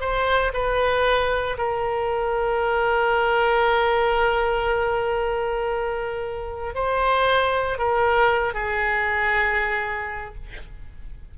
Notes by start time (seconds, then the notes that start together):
0.00 C5
0.53 B4
1.57 A#4
6.74 C5
7.78 A#4
8.53 G#4